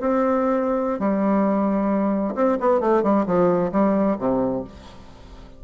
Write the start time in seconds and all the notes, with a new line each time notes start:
0.00 C4
0.99 G3
2.35 C4
2.60 B3
2.80 A3
3.02 G3
3.26 F3
3.71 G3
4.18 C3